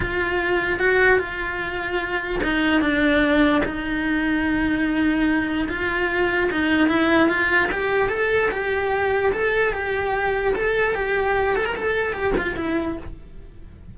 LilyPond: \new Staff \with { instrumentName = "cello" } { \time 4/4 \tempo 4 = 148 f'2 fis'4 f'4~ | f'2 dis'4 d'4~ | d'4 dis'2.~ | dis'2 f'2 |
dis'4 e'4 f'4 g'4 | a'4 g'2 a'4 | g'2 a'4 g'4~ | g'8 a'16 ais'16 a'4 g'8 f'8 e'4 | }